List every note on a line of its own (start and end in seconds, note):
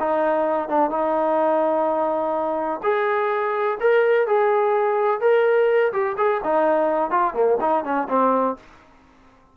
0.00 0.69 D#4
0.69 0.91 D4
0.91 2.81 D#4
2.83 3.79 G#4
3.81 4.27 A#4
4.27 5.21 G#4
5.21 5.92 A#4
5.93 6.17 G4
6.18 6.42 G#4
6.44 7.11 D#4
7.11 7.34 F4
7.34 7.58 A#3
7.61 7.84 D#4
7.84 8.08 C#4
8.09 8.57 C4